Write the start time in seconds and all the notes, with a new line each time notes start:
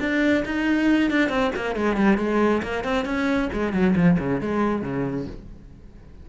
0.00 D4
0.46 D#4
1.11 D4
1.30 C4
1.56 A#3
1.76 G#3
1.97 G3
2.18 G#3
2.64 A#3
2.84 C4
3.06 C#4
3.53 G#3
3.73 F#3
3.96 F3
4.19 C#3
4.41 G#3
4.82 C#3